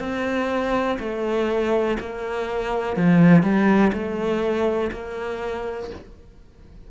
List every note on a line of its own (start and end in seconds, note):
0.00 0.98 C4
0.99 1.98 A3
2.00 2.97 A#3
2.97 3.43 F3
3.43 3.92 G3
3.93 4.91 A3
4.92 5.91 A#3